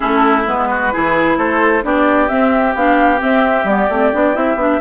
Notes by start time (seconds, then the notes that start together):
0.00 A3 C#4 E4 A4
0.46 G#3 B3 B4
0.70 F#4
0.92 E3 E4 G#4
1.37 A3 A4 C5
1.82 B3 D4 G4 D5
2.28 C4 E5
2.74 B3 D4 F5
3.18 C4 E5
3.64 G3 B3 D5
3.89 A3 C4
4.12 B3 D4
4.34 C4 E4 E5
4.55 B3 D4